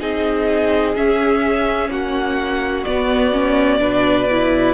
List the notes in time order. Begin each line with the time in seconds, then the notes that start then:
0.00 C4 D#4 G#4 D#5
0.96 C#4 E5
1.89 A#3 F#4 F#5
2.85 B3 D5
3.32 C#4
3.80 B2 D4 B4
4.31 E4